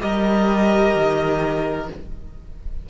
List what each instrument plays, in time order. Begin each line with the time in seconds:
0.00 cello G3, viola G4, violin A#4 D#5
0.95 cello D#3